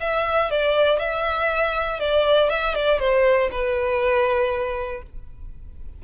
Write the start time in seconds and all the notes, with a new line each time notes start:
0.00 E5
0.50 D5
0.99 E5
1.99 D5
2.50 E5
2.75 D5
2.99 C5
3.51 B4